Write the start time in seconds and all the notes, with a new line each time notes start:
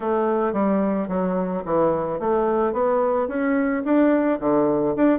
0.00 A3
0.53 G3
1.08 F#3
1.65 E3
2.19 A3
2.72 B3
3.28 C#4
3.84 D4
4.40 D3
4.95 D4